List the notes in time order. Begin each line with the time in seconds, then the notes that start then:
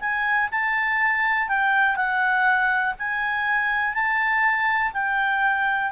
0.00 G#5
0.51 A5
1.48 G5
1.96 F#5
2.99 G#5
3.94 A5
4.93 G5